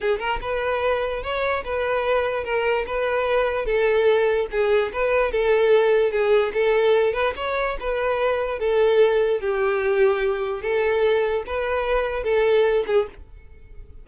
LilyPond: \new Staff \with { instrumentName = "violin" } { \time 4/4 \tempo 4 = 147 gis'8 ais'8 b'2 cis''4 | b'2 ais'4 b'4~ | b'4 a'2 gis'4 | b'4 a'2 gis'4 |
a'4. b'8 cis''4 b'4~ | b'4 a'2 g'4~ | g'2 a'2 | b'2 a'4. gis'8 | }